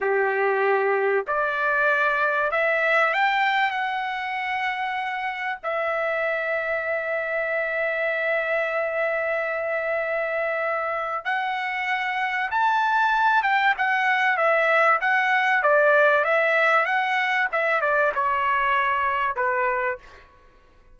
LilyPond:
\new Staff \with { instrumentName = "trumpet" } { \time 4/4 \tempo 4 = 96 g'2 d''2 | e''4 g''4 fis''2~ | fis''4 e''2.~ | e''1~ |
e''2 fis''2 | a''4. g''8 fis''4 e''4 | fis''4 d''4 e''4 fis''4 | e''8 d''8 cis''2 b'4 | }